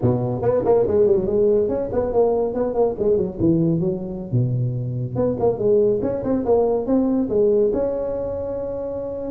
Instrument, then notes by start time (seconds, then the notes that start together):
tuba
0.01 B2
0.42 B3
0.65 A#3
0.87 G#3
1.06 G3
1.16 F#3
1.26 G#3
1.68 C#4
1.92 B3
2.12 A#3
2.54 B3
2.74 A#3
2.98 G#3
3.17 F#3
3.39 E3
3.80 F#3
4.31 B2
5.15 B3
5.39 A#3
5.58 G#3
6.02 C#4
6.23 C4
6.45 A#3
6.86 C4
7.29 G#3
7.73 C#4